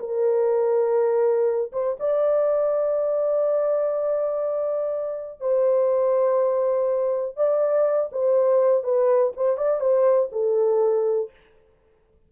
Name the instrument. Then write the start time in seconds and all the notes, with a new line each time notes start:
horn
0.00 A#4
1.73 C5
2.00 D5
5.41 C5
7.37 D5
8.12 C5
8.84 B4
9.37 C5
9.57 D5
9.81 C5
10.32 A4